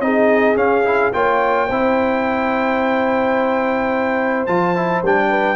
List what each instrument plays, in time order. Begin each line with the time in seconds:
0.00 tuba C4, trombone D#4, horn G#4, trumpet D#5
0.56 trombone C#4, tuba C#4, trumpet F5
0.85 trombone E4
1.13 tuba A#3, trombone F4, horn C#5, trumpet G5
1.67 tuba C4, trombone E4, horn C5
4.46 tuba F3, trombone F4, trumpet A5
4.76 trombone E4
5.03 tuba G3, trombone D4, trumpet G5
5.30 horn B4